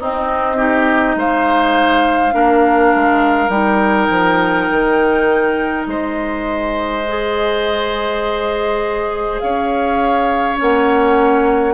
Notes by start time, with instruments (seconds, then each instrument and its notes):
0.00 clarinet C4, bassoon C4, oboe D#4, flute D#5
0.57 clarinet D#4, oboe G4
1.16 bassoon G#3, oboe C5, flute F5
2.32 bassoon A#3, clarinet D4, oboe A#4
2.95 bassoon G#3
3.49 bassoon G3, clarinet D#4, flute G5
4.10 bassoon F3
4.71 bassoon D#3
5.86 bassoon G#3, oboe C5, flute D#5
7.08 clarinet G#4
9.39 bassoon C#4, oboe C#5, flute F5
10.57 bassoon A#3, clarinet C#4, flute F#5